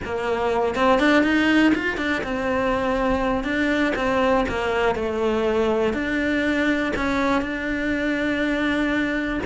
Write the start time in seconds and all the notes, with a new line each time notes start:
0.04 A#3
0.75 C4
0.99 D4
1.23 D#4
1.74 F4
1.97 D4
2.23 C4
3.44 D4
3.95 C4
4.48 A#3
4.95 A3
5.93 D4
6.96 C#4
7.41 D4